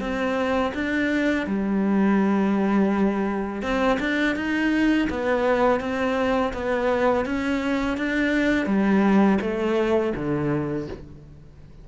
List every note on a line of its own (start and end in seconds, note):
0.00 0.72 C4
0.74 1.46 D4
1.46 3.62 G3
3.62 3.98 C4
4.00 4.36 D4
4.36 5.08 D#4
5.10 5.80 B3
5.80 6.52 C4
6.53 7.25 B3
7.25 7.97 C#4
7.97 8.66 D4
8.66 9.38 G3
9.41 10.13 A3
10.15 10.87 D3